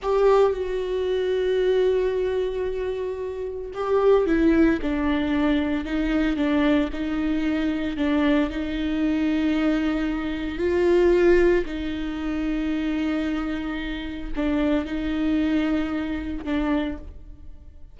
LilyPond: \new Staff \with { instrumentName = "viola" } { \time 4/4 \tempo 4 = 113 g'4 fis'2.~ | fis'2. g'4 | e'4 d'2 dis'4 | d'4 dis'2 d'4 |
dis'1 | f'2 dis'2~ | dis'2. d'4 | dis'2. d'4 | }